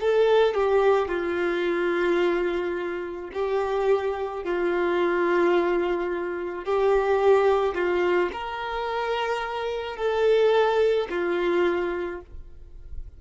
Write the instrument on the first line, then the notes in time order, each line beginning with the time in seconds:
violin
0.00 A4
0.54 G4
1.08 F4
3.33 G4
4.43 F4
6.64 G4
7.74 F4
8.32 A#4
9.96 A4
11.10 F4